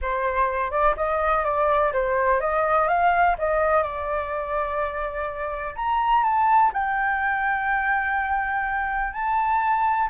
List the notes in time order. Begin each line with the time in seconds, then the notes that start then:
0.01 C5
0.70 D5
0.96 D#5
1.44 D5
1.92 C5
2.40 D#5
2.88 F5
3.38 D#5
3.82 D5
5.75 A#5
6.23 A5
6.73 G5
9.13 A5